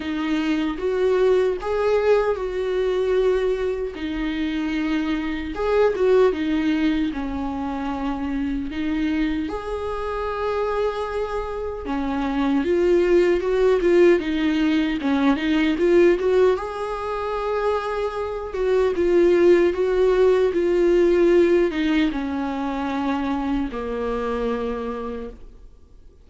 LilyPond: \new Staff \with { instrumentName = "viola" } { \time 4/4 \tempo 4 = 76 dis'4 fis'4 gis'4 fis'4~ | fis'4 dis'2 gis'8 fis'8 | dis'4 cis'2 dis'4 | gis'2. cis'4 |
f'4 fis'8 f'8 dis'4 cis'8 dis'8 | f'8 fis'8 gis'2~ gis'8 fis'8 | f'4 fis'4 f'4. dis'8 | cis'2 ais2 | }